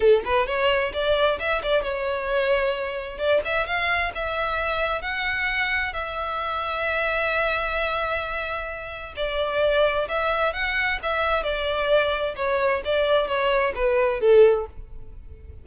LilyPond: \new Staff \with { instrumentName = "violin" } { \time 4/4 \tempo 4 = 131 a'8 b'8 cis''4 d''4 e''8 d''8 | cis''2. d''8 e''8 | f''4 e''2 fis''4~ | fis''4 e''2.~ |
e''1 | d''2 e''4 fis''4 | e''4 d''2 cis''4 | d''4 cis''4 b'4 a'4 | }